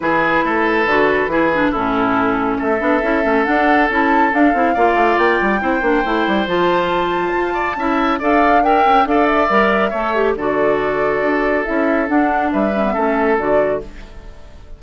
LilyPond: <<
  \new Staff \with { instrumentName = "flute" } { \time 4/4 \tempo 4 = 139 b'1 | a'2 e''2 | fis''4 a''4 f''2 | g''2. a''4~ |
a''2. f''4 | g''4 f''8 e''2~ e''8 | d''2. e''4 | fis''4 e''2 d''4 | }
  \new Staff \with { instrumentName = "oboe" } { \time 4/4 gis'4 a'2 gis'4 | e'2 a'2~ | a'2. d''4~ | d''4 c''2.~ |
c''4. d''8 e''4 d''4 | e''4 d''2 cis''4 | a'1~ | a'4 b'4 a'2 | }
  \new Staff \with { instrumentName = "clarinet" } { \time 4/4 e'2 fis'4 e'8 d'8 | cis'2~ cis'8 d'8 e'8 cis'8 | d'4 e'4 d'8 e'8 f'4~ | f'4 e'8 d'8 e'4 f'4~ |
f'2 e'4 a'4 | ais'4 a'4 ais'4 a'8 g'8 | fis'2. e'4 | d'4. cis'16 b16 cis'4 fis'4 | }
  \new Staff \with { instrumentName = "bassoon" } { \time 4/4 e4 a4 d4 e4 | a,2 a8 b8 cis'8 a8 | d'4 cis'4 d'8 c'8 ais8 a8 | ais8 g8 c'8 ais8 a8 g8 f4~ |
f4 f'4 cis'4 d'4~ | d'8 cis'8 d'4 g4 a4 | d2 d'4 cis'4 | d'4 g4 a4 d4 | }
>>